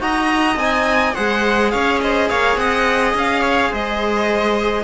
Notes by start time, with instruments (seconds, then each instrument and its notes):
0.00 cello D#4, trombone F#4, viola D#5, violin A#5
0.56 cello C4, trombone D#4, violin G#5
1.15 cello G#3, trombone G#4, viola C5, violin F#5
1.71 cello C#4, viola C#5, violin F5
2.02 viola C5, violin D#5
2.30 cello A#3, viola C#5, violin F5
2.57 cello C4, viola D#5, violin F#5
3.15 cello C#4, violin F5
3.42 viola C#5
3.70 cello G#3, viola C5, violin D#5